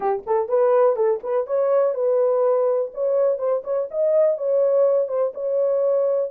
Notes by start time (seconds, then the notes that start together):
0.00 G4
0.26 A4
0.48 B4
0.95 A4
1.23 B4
1.46 C#5
1.94 B4
2.93 C#5
3.38 C5
3.64 C#5
3.90 D#5
4.37 C#5
5.08 C5
5.34 C#5